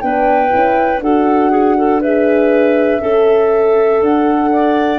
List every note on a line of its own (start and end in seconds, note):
0.00 0.52 B3
0.00 0.49 D4
0.00 1.02 B4
0.00 1.00 G5
0.49 1.01 C#4
0.49 0.99 E4
1.01 3.01 D4
1.01 2.02 F#4
1.01 1.50 A4
1.01 2.01 F#5
1.50 1.75 G#4
1.77 2.01 A4
2.01 3.01 G#4
2.01 3.01 B4
2.01 4.02 E5
3.01 4.00 C#4
3.01 4.51 A4
3.01 4.98 A4
4.00 4.98 D4
4.00 4.98 F#5
4.51 4.98 D5